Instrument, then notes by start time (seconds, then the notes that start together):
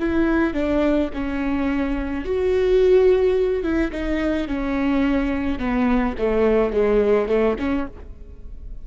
viola
0.00 E4
0.54 D4
1.14 C#4
2.25 F#4
3.63 E4
3.92 D#4
4.48 C#4
5.59 B3
6.19 A3
6.73 G#3
7.29 A3
7.59 C#4